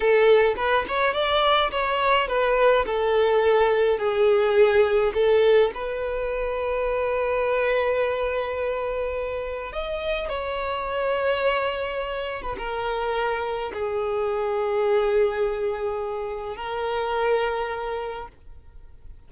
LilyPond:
\new Staff \with { instrumentName = "violin" } { \time 4/4 \tempo 4 = 105 a'4 b'8 cis''8 d''4 cis''4 | b'4 a'2 gis'4~ | gis'4 a'4 b'2~ | b'1~ |
b'4 dis''4 cis''2~ | cis''4.~ cis''16 b'16 ais'2 | gis'1~ | gis'4 ais'2. | }